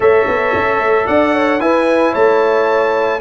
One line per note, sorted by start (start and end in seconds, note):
0.00 0.25 A3
0.00 1.59 A4
0.00 1.06 C#5
0.00 1.06 E5
0.27 0.54 B3
0.55 0.79 C#4
0.79 1.06 A3
1.06 1.60 D4
1.06 1.33 D5
1.06 1.60 F#5
1.33 1.60 C#5
1.59 3.20 E4
1.59 2.13 E4
1.59 2.12 B4
1.59 2.14 G#5
2.12 3.20 A3
2.12 3.19 C#5
2.12 3.20 A5